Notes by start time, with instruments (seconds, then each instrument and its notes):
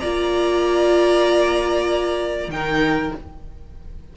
0.00 cello A#3, viola F4, violin D5 A#5
2.48 cello D#3, viola D#4, violin A#4 G5